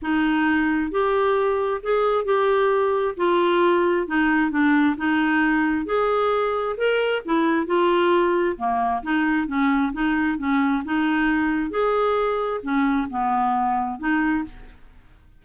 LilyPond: \new Staff \with { instrumentName = "clarinet" } { \time 4/4 \tempo 4 = 133 dis'2 g'2 | gis'4 g'2 f'4~ | f'4 dis'4 d'4 dis'4~ | dis'4 gis'2 ais'4 |
e'4 f'2 ais4 | dis'4 cis'4 dis'4 cis'4 | dis'2 gis'2 | cis'4 b2 dis'4 | }